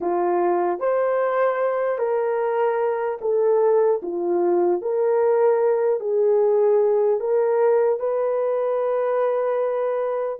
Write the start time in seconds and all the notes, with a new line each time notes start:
0.00 F4
0.79 C5
1.98 A#4
3.21 A4
4.02 F4
4.81 A#4
6.00 G#4
7.20 A#4
7.99 B4